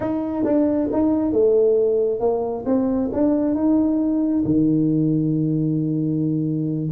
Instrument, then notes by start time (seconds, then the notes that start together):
tuba
0.00 D#4
0.44 D4
0.92 D#4
1.32 A3
2.20 A#3
2.65 C4
3.13 D4
3.54 D#4
4.45 D#3